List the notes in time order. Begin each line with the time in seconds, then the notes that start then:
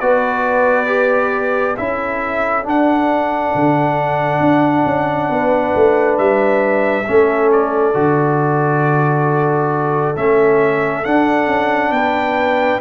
0.00 B3 F#4 B4 D5
0.86 G4
1.77 C#4 E4 A4 E5
2.63 D4 F#5
3.55 D3
4.40 D4
4.86 C#4
5.29 B3 B4
5.75 A3
6.18 G3 E5
7.08 A3 C#4 A4
7.52 D5
7.94 D3 F#4
10.16 A3 C#4 E5
11.04 D4 F#5
11.47 C#4
11.91 B3 B4 G5